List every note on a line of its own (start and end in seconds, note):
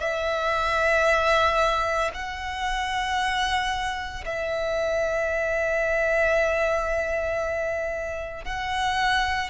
0.00 2.11 E5
2.14 4.24 F#5
4.25 8.44 E5
8.44 9.49 F#5